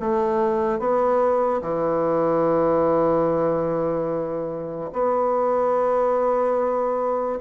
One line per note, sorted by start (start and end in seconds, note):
0.00 0.79 A3
0.79 1.61 B3
1.61 4.90 E3
4.93 7.39 B3